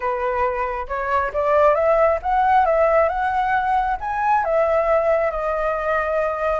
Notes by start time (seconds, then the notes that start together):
0.00 B4
0.87 C#5
1.33 D5
1.74 E5
2.22 F#5
2.65 E5
3.08 F#5
4.00 G#5
4.44 E5
5.30 D#5